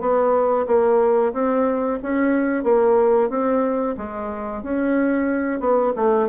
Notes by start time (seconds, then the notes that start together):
0.00 B3
0.67 A#3
1.33 C4
2.02 C#4
2.63 A#3
3.29 C4
3.97 G#3
4.63 C#4
5.60 B3
5.96 A3